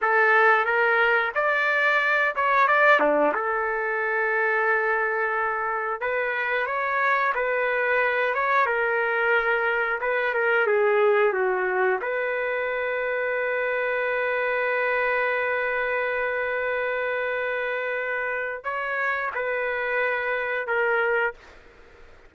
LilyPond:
\new Staff \with { instrumentName = "trumpet" } { \time 4/4 \tempo 4 = 90 a'4 ais'4 d''4. cis''8 | d''8 d'8 a'2.~ | a'4 b'4 cis''4 b'4~ | b'8 cis''8 ais'2 b'8 ais'8 |
gis'4 fis'4 b'2~ | b'1~ | b'1 | cis''4 b'2 ais'4 | }